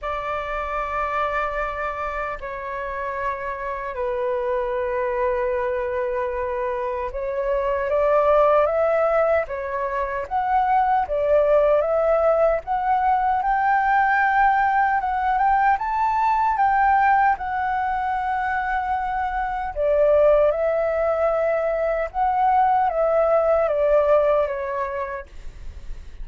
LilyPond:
\new Staff \with { instrumentName = "flute" } { \time 4/4 \tempo 4 = 76 d''2. cis''4~ | cis''4 b'2.~ | b'4 cis''4 d''4 e''4 | cis''4 fis''4 d''4 e''4 |
fis''4 g''2 fis''8 g''8 | a''4 g''4 fis''2~ | fis''4 d''4 e''2 | fis''4 e''4 d''4 cis''4 | }